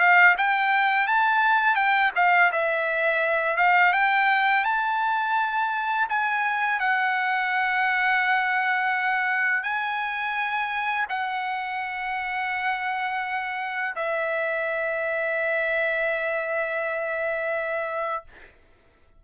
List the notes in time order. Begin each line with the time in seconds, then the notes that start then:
0.00 F5
0.38 G5
1.07 A5
1.76 G5
2.16 F5
2.52 E5
3.57 F5
3.93 G5
4.65 A5
6.09 G#5
6.80 F#5
9.63 G#5
11.09 F#5
13.96 E5